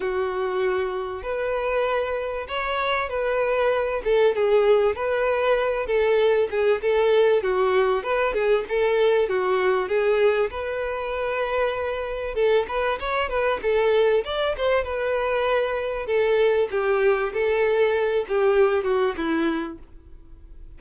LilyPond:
\new Staff \with { instrumentName = "violin" } { \time 4/4 \tempo 4 = 97 fis'2 b'2 | cis''4 b'4. a'8 gis'4 | b'4. a'4 gis'8 a'4 | fis'4 b'8 gis'8 a'4 fis'4 |
gis'4 b'2. | a'8 b'8 cis''8 b'8 a'4 d''8 c''8 | b'2 a'4 g'4 | a'4. g'4 fis'8 e'4 | }